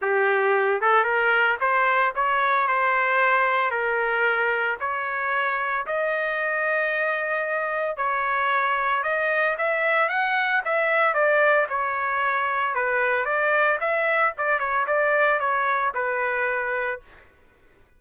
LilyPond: \new Staff \with { instrumentName = "trumpet" } { \time 4/4 \tempo 4 = 113 g'4. a'8 ais'4 c''4 | cis''4 c''2 ais'4~ | ais'4 cis''2 dis''4~ | dis''2. cis''4~ |
cis''4 dis''4 e''4 fis''4 | e''4 d''4 cis''2 | b'4 d''4 e''4 d''8 cis''8 | d''4 cis''4 b'2 | }